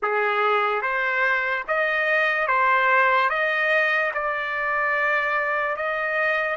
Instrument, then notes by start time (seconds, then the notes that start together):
trumpet
0.02 G#4
0.81 C5
1.67 D#5
2.47 C5
3.29 D#5
4.14 D5
5.76 D#5